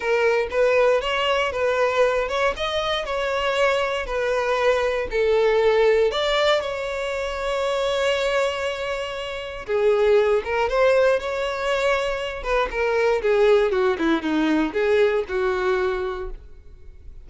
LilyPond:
\new Staff \with { instrumentName = "violin" } { \time 4/4 \tempo 4 = 118 ais'4 b'4 cis''4 b'4~ | b'8 cis''8 dis''4 cis''2 | b'2 a'2 | d''4 cis''2.~ |
cis''2. gis'4~ | gis'8 ais'8 c''4 cis''2~ | cis''8 b'8 ais'4 gis'4 fis'8 e'8 | dis'4 gis'4 fis'2 | }